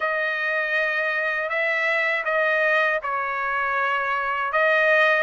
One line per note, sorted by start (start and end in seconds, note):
0.00 1.49 D#5
1.49 2.24 E5
2.25 3.00 D#5
3.02 4.52 C#5
4.52 5.23 D#5